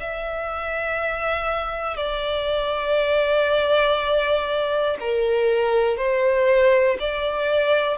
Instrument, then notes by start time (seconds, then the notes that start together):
violin
0.00 E5
1.97 D5
5.00 A#4
5.97 C5
7.00 D5